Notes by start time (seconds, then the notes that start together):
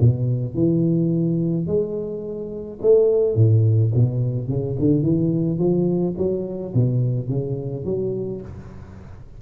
0.00 B2
0.54 E3
1.66 G#3
2.82 A3
3.35 A2
3.94 B2
4.48 C#3
4.79 D3
5.02 E3
5.58 F3
6.18 F#3
6.74 B2
7.29 C#3
7.85 F#3